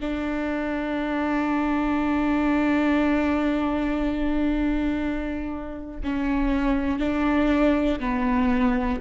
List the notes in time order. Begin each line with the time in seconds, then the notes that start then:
0.00 D4
6.03 C#4
6.99 D4
7.99 B3